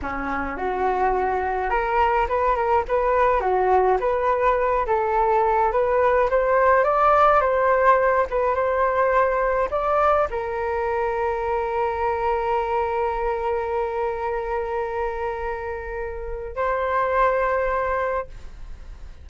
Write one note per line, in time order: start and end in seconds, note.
0.02 0.57 C#4
0.57 1.70 F#4
1.70 2.27 A#4
2.28 2.55 B4
2.55 2.84 A#4
2.88 3.40 B4
3.40 3.97 F#4
4.00 4.85 B4
4.86 5.72 A4
5.72 6.29 B4
6.29 6.83 C5
6.83 7.41 D5
7.41 8.26 C5
8.30 8.54 B4
8.54 9.69 C5
9.70 10.28 D5
10.30 16.55 A#4
16.55 18.27 C5